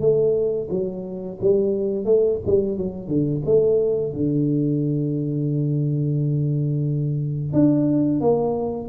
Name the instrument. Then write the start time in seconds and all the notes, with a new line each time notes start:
tuba
0.00 A3
0.70 F#3
1.41 G3
2.05 A3
2.46 G3
2.77 F#3
3.07 D3
3.45 A3
4.13 D3
7.53 D4
8.20 A#3